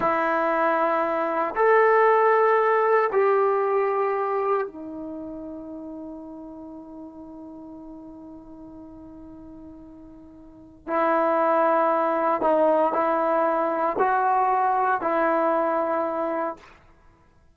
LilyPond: \new Staff \with { instrumentName = "trombone" } { \time 4/4 \tempo 4 = 116 e'2. a'4~ | a'2 g'2~ | g'4 dis'2.~ | dis'1~ |
dis'1~ | dis'4 e'2. | dis'4 e'2 fis'4~ | fis'4 e'2. | }